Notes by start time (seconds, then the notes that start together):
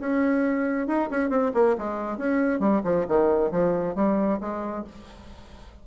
0.00 C#4
0.87 D#4
1.10 C#4
1.30 C4
1.54 A#3
1.78 G#3
2.17 C#4
2.59 G3
2.84 F3
3.08 D#3
3.51 F3
3.95 G3
4.40 G#3